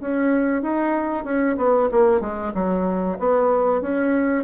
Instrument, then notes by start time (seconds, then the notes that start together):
bassoon
0.00 C#4
0.62 D#4
1.24 C#4
1.57 B3
1.91 A#3
2.21 G#3
2.54 F#3
3.19 B3
3.82 C#4